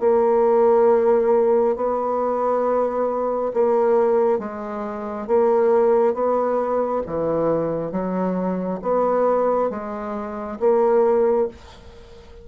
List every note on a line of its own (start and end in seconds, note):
0.00 1.76 A#3
1.76 3.52 B3
3.53 4.39 A#3
4.39 5.27 G#3
5.27 6.14 A#3
6.14 7.02 B3
7.06 7.91 E3
7.91 8.80 F#3
8.82 9.70 B3
9.70 10.58 G#3
10.60 11.48 A#3